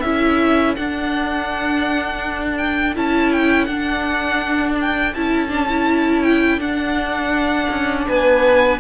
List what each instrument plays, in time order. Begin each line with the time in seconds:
0.00 cello C#4, viola E4, violin A4 E5
0.76 viola D4, cello D4, violin F#5
2.58 violin G5
2.96 cello C#4, viola E4, violin A5
3.33 violin G5
3.66 cello D4, viola D4, violin F#5
4.81 violin G5
5.14 cello C#4, viola E4, violin A5
5.49 viola D4
5.69 viola E4
6.23 violin G5
6.59 cello D4, viola D4, violin F#5
7.70 cello C#4
8.07 cello B3, violin B4 G#5